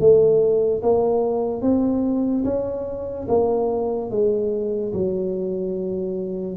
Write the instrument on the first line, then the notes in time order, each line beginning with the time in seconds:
tuba
0.00 A3
0.83 A#3
1.62 C4
2.45 C#4
3.28 A#3
4.11 G#3
4.94 F#3